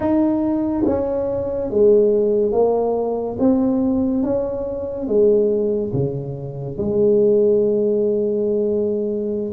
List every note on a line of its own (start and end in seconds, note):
0.00 0.84 D#4
0.86 1.70 C#4
1.70 2.52 G#3
2.52 3.36 A#3
3.39 4.23 C4
4.23 5.07 C#4
5.07 5.92 G#3
5.93 6.77 C#3
6.77 9.52 G#3